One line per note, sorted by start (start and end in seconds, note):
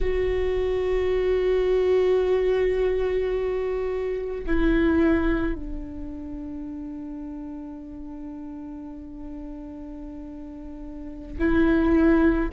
0.00 4.44 F#4
4.46 5.55 E4
5.55 11.38 D4
11.38 12.49 E4